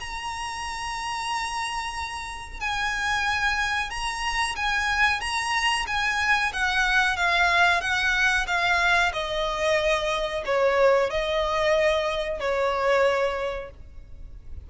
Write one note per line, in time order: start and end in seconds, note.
0.00 2.61 A#5
2.61 3.90 G#5
3.90 4.56 A#5
4.56 5.21 G#5
5.21 5.86 A#5
5.87 6.52 G#5
6.53 7.17 F#5
7.17 7.81 F5
7.81 8.47 F#5
8.48 9.13 F5
9.14 10.44 D#5
10.46 11.10 C#5
11.10 12.40 D#5
12.40 13.71 C#5